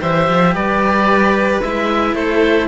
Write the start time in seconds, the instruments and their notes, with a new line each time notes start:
0.00 cello E3 G4, violin C5, oboe E5
0.29 cello F3
0.54 cello G3, violin B4, oboe D5
1.61 cello G#3 E4, oboe E5
2.14 cello A3, violin A4, oboe C5